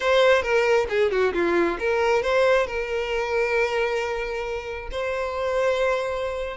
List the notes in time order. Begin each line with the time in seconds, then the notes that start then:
0.00 C5
0.42 A#4
0.89 G#4
1.11 F#4
1.33 F4
1.79 A#4
2.22 C5
2.66 A#4
4.91 C5